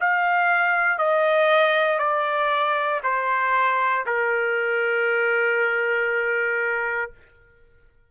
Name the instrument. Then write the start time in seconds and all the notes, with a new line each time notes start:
trumpet
0.00 F5
0.98 D#5
1.99 D5
3.04 C5
4.06 A#4